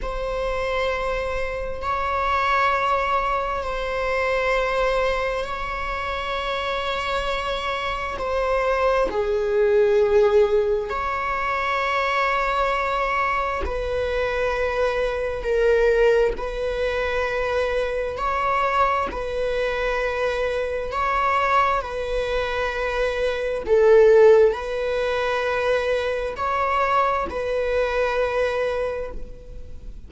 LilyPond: \new Staff \with { instrumentName = "viola" } { \time 4/4 \tempo 4 = 66 c''2 cis''2 | c''2 cis''2~ | cis''4 c''4 gis'2 | cis''2. b'4~ |
b'4 ais'4 b'2 | cis''4 b'2 cis''4 | b'2 a'4 b'4~ | b'4 cis''4 b'2 | }